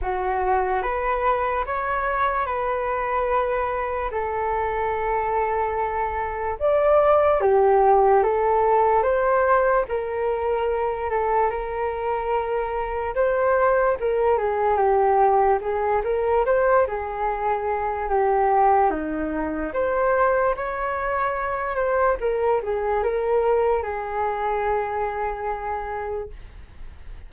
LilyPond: \new Staff \with { instrumentName = "flute" } { \time 4/4 \tempo 4 = 73 fis'4 b'4 cis''4 b'4~ | b'4 a'2. | d''4 g'4 a'4 c''4 | ais'4. a'8 ais'2 |
c''4 ais'8 gis'8 g'4 gis'8 ais'8 | c''8 gis'4. g'4 dis'4 | c''4 cis''4. c''8 ais'8 gis'8 | ais'4 gis'2. | }